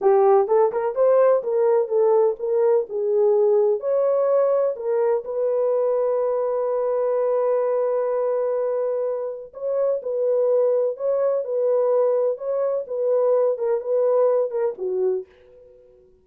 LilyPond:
\new Staff \with { instrumentName = "horn" } { \time 4/4 \tempo 4 = 126 g'4 a'8 ais'8 c''4 ais'4 | a'4 ais'4 gis'2 | cis''2 ais'4 b'4~ | b'1~ |
b'1 | cis''4 b'2 cis''4 | b'2 cis''4 b'4~ | b'8 ais'8 b'4. ais'8 fis'4 | }